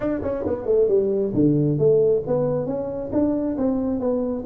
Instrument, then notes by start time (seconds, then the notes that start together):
tuba
0.00 D4
0.22 C#4
0.46 B3
0.66 A3
0.88 G3
1.33 D3
1.78 A3
2.27 B3
2.66 C#4
3.12 D4
3.57 C4
4.00 B3